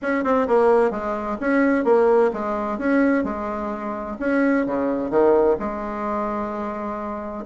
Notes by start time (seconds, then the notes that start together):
0.01 C#4
0.24 C4
0.47 A#3
0.90 G#3
1.40 C#4
1.84 A#3
2.33 G#3
2.78 C#4
3.24 G#3
4.19 C#4
4.66 C#3
5.10 D#3
5.59 G#3